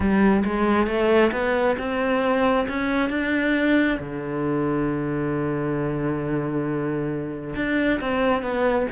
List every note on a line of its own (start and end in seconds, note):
0.00 0.43 G3
0.44 0.86 G#3
0.86 1.31 A3
1.32 1.76 B3
1.78 2.67 C4
2.68 3.09 C#4
3.09 3.98 D4
3.99 7.55 D3
7.55 8.00 D4
8.00 8.42 C4
8.42 8.86 B3